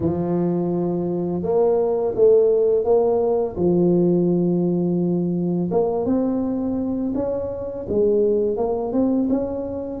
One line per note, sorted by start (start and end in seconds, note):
0.00 1.42 F3
1.43 2.14 A#3
2.15 2.84 A3
2.84 3.56 A#3
3.56 5.70 F3
5.71 6.05 A#3
6.05 7.12 C4
7.14 7.86 C#4
7.88 8.56 G#3
8.56 8.92 A#3
8.92 9.28 C4
9.29 10.00 C#4